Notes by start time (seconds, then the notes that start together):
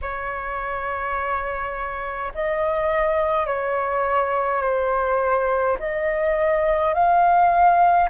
0.01 C#5
2.34 D#5
3.46 C#5
4.62 C5
5.79 D#5
6.93 F5